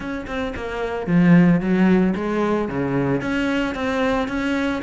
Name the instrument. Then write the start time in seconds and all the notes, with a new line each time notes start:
cello
0.00 C#4
0.26 C4
0.56 A#3
1.06 F3
1.60 F#3
2.15 G#3
2.68 C#3
3.21 C#4
3.74 C4
4.28 C#4